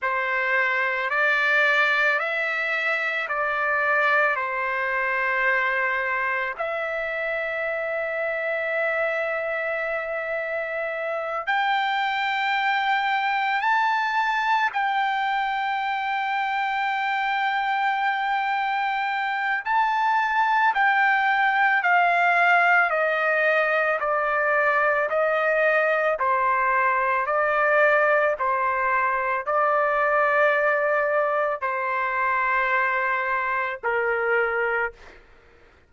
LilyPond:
\new Staff \with { instrumentName = "trumpet" } { \time 4/4 \tempo 4 = 55 c''4 d''4 e''4 d''4 | c''2 e''2~ | e''2~ e''8 g''4.~ | g''8 a''4 g''2~ g''8~ |
g''2 a''4 g''4 | f''4 dis''4 d''4 dis''4 | c''4 d''4 c''4 d''4~ | d''4 c''2 ais'4 | }